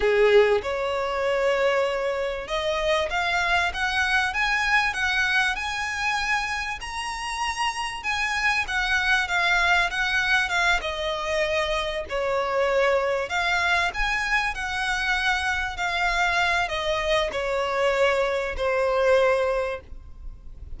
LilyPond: \new Staff \with { instrumentName = "violin" } { \time 4/4 \tempo 4 = 97 gis'4 cis''2. | dis''4 f''4 fis''4 gis''4 | fis''4 gis''2 ais''4~ | ais''4 gis''4 fis''4 f''4 |
fis''4 f''8 dis''2 cis''8~ | cis''4. f''4 gis''4 fis''8~ | fis''4. f''4. dis''4 | cis''2 c''2 | }